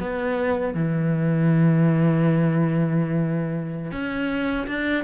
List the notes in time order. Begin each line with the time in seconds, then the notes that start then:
0.00 B3
0.74 E3
3.92 C#4
4.67 D4